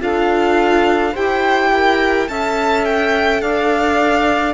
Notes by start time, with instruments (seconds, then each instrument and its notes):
0.00 cello D4, viola F4, saxophone A4, violin F5
1.12 cello E4, saxophone G4, viola C5, violin G5
1.74 viola A#4
2.29 cello C#4, viola A4, saxophone E5, violin A5
2.85 violin G5
3.42 cello D4, saxophone D5, violin F5